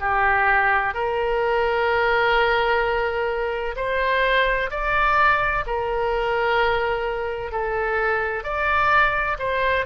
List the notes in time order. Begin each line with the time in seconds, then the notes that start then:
0.00 G4
0.94 A#4
3.76 C5
4.70 D5
5.66 A#4
7.51 A4
8.43 D5
9.38 C5